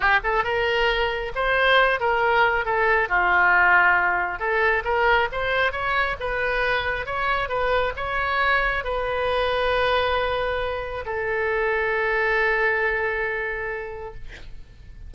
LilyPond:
\new Staff \with { instrumentName = "oboe" } { \time 4/4 \tempo 4 = 136 g'8 a'8 ais'2 c''4~ | c''8 ais'4. a'4 f'4~ | f'2 a'4 ais'4 | c''4 cis''4 b'2 |
cis''4 b'4 cis''2 | b'1~ | b'4 a'2.~ | a'1 | }